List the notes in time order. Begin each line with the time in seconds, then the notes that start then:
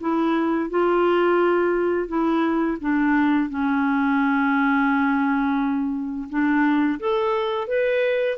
0.00 E4
0.70 F4
2.08 E4
2.81 D4
3.49 C#4
6.29 D4
6.99 A4
7.67 B4